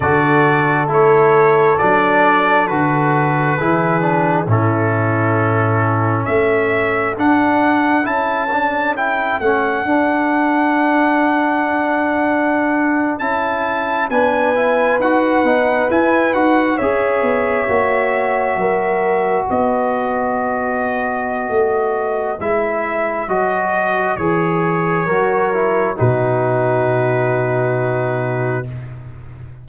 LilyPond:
<<
  \new Staff \with { instrumentName = "trumpet" } { \time 4/4 \tempo 4 = 67 d''4 cis''4 d''4 b'4~ | b'4 a'2 e''4 | fis''4 a''4 g''8 fis''4.~ | fis''2~ fis''8. a''4 gis''16~ |
gis''8. fis''4 gis''8 fis''8 e''4~ e''16~ | e''4.~ e''16 dis''2~ dis''16~ | dis''4 e''4 dis''4 cis''4~ | cis''4 b'2. | }
  \new Staff \with { instrumentName = "horn" } { \time 4/4 a'1 | gis'4 e'2 a'4~ | a'1~ | a'2.~ a'8. b'16~ |
b'2~ b'8. cis''4~ cis''16~ | cis''8. ais'4 b'2~ b'16~ | b'1 | ais'4 fis'2. | }
  \new Staff \with { instrumentName = "trombone" } { \time 4/4 fis'4 e'4 d'4 fis'4 | e'8 d'8 cis'2. | d'4 e'8 d'8 e'8 cis'8 d'4~ | d'2~ d'8. e'4 d'16~ |
d'16 e'8 fis'8 dis'8 e'8 fis'8 gis'4 fis'16~ | fis'1~ | fis'4 e'4 fis'4 gis'4 | fis'8 e'8 dis'2. | }
  \new Staff \with { instrumentName = "tuba" } { \time 4/4 d4 a4 fis4 d4 | e4 a,2 a4 | d'4 cis'4. a8 d'4~ | d'2~ d'8. cis'4 b16~ |
b8. dis'8 b8 e'8 dis'8 cis'8 b8 ais16~ | ais8. fis4 b2~ b16 | a4 gis4 fis4 e4 | fis4 b,2. | }
>>